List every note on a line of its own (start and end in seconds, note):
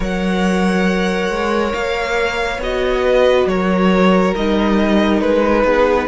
0.00 1.29 F#3
0.00 2.60 A#4
0.00 3.04 C#5
0.00 1.73 F#5
1.29 1.73 G#3
1.73 2.58 A#3
1.73 2.60 F5
2.58 3.45 B3
2.58 4.36 F#4
2.58 3.47 D#5
3.04 3.48 B4
3.46 4.33 F#3
3.46 5.63 A#4
3.46 4.34 C#5
4.35 5.21 G3
4.35 6.07 D#4
4.35 5.20 D#5
5.20 5.64 G#3
5.20 6.07 B4
5.63 6.07 B3
5.63 6.07 G#4